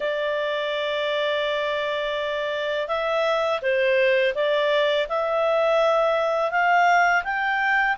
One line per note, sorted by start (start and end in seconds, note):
0.00 2.88 D5
2.88 3.60 E5
3.61 4.34 C5
4.34 5.07 D5
5.09 6.51 E5
6.51 7.23 F5
7.24 7.96 G5